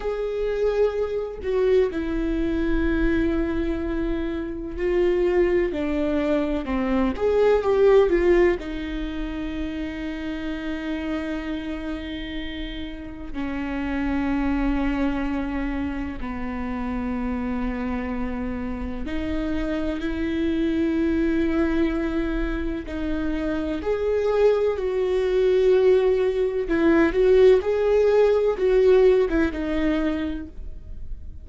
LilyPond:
\new Staff \with { instrumentName = "viola" } { \time 4/4 \tempo 4 = 63 gis'4. fis'8 e'2~ | e'4 f'4 d'4 c'8 gis'8 | g'8 f'8 dis'2.~ | dis'2 cis'2~ |
cis'4 b2. | dis'4 e'2. | dis'4 gis'4 fis'2 | e'8 fis'8 gis'4 fis'8. e'16 dis'4 | }